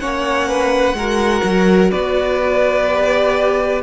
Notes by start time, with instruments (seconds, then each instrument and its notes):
0.00 cello A#3, viola C#4, violin C#5 F#5
0.48 violin B4
0.94 cello G#3, viola F#4, violin A#4
1.44 cello F#3
1.91 cello B3, violin B4 D5
2.88 viola G4